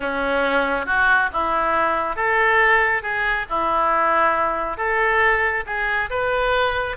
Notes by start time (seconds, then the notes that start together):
0.00 C#4
0.86 F#4
1.32 E4
2.16 A4
3.02 G#4
3.49 E4
4.77 A4
5.66 G#4
6.09 B4